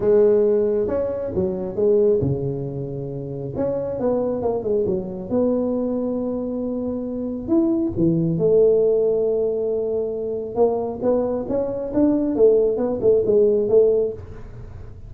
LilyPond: \new Staff \with { instrumentName = "tuba" } { \time 4/4 \tempo 4 = 136 gis2 cis'4 fis4 | gis4 cis2. | cis'4 b4 ais8 gis8 fis4 | b1~ |
b4 e'4 e4 a4~ | a1 | ais4 b4 cis'4 d'4 | a4 b8 a8 gis4 a4 | }